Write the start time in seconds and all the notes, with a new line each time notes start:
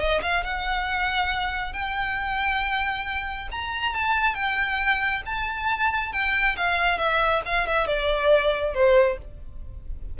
0.00 D#5
0.22 F5
0.44 F#5
1.73 G5
3.52 A#5
3.95 A5
4.35 G5
5.26 A5
6.13 G5
6.57 F5
6.98 E5
7.46 F5
7.67 E5
7.88 D5
8.74 C5